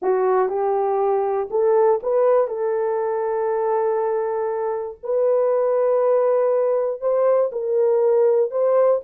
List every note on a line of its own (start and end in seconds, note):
0.01 0.48 F#4
0.48 1.48 G4
1.50 2.00 A4
2.02 2.48 B4
2.48 4.97 A4
5.03 7.00 B4
7.00 7.50 C5
7.52 8.50 A#4
8.50 9.00 C5